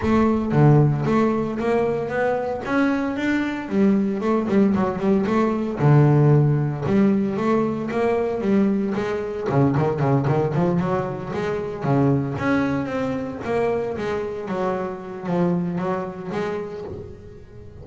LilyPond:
\new Staff \with { instrumentName = "double bass" } { \time 4/4 \tempo 4 = 114 a4 d4 a4 ais4 | b4 cis'4 d'4 g4 | a8 g8 fis8 g8 a4 d4~ | d4 g4 a4 ais4 |
g4 gis4 cis8 dis8 cis8 dis8 | f8 fis4 gis4 cis4 cis'8~ | cis'8 c'4 ais4 gis4 fis8~ | fis4 f4 fis4 gis4 | }